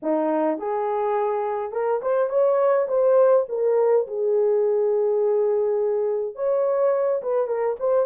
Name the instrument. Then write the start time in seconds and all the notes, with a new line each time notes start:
horn
0.02 D#4
0.58 G#4
1.72 A#4
2.02 C5
2.29 C#5
2.88 C5
3.49 A#4
4.07 G#4
6.35 C#5
7.22 B4
7.47 A#4
7.79 C5